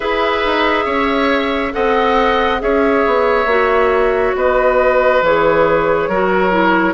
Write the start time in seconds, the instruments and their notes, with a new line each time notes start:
0.00 bassoon E4, clarinet G#4, oboe B4, flute E5
0.45 bassoon D#4
0.85 bassoon C#4, oboe C#5
1.72 bassoon C4, clarinet A4, oboe D#5, flute F#5
2.59 bassoon C#4, clarinet G#4, oboe C#5, flute E5
3.05 bassoon B3
3.45 bassoon A#3, clarinet F#4
4.35 bassoon B3, oboe B4, flute D#5
5.22 bassoon E3, clarinet G#4, flute C#5
6.08 bassoon F#3, clarinet F#4, oboe A#4
6.50 clarinet E4